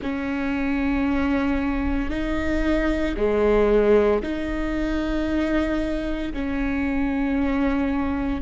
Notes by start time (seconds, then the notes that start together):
0.02 C#4
2.10 D#4
3.16 G#3
4.22 D#4
6.33 C#4